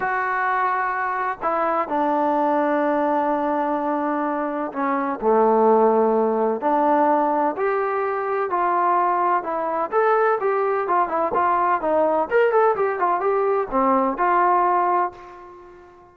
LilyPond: \new Staff \with { instrumentName = "trombone" } { \time 4/4 \tempo 4 = 127 fis'2. e'4 | d'1~ | d'2 cis'4 a4~ | a2 d'2 |
g'2 f'2 | e'4 a'4 g'4 f'8 e'8 | f'4 dis'4 ais'8 a'8 g'8 f'8 | g'4 c'4 f'2 | }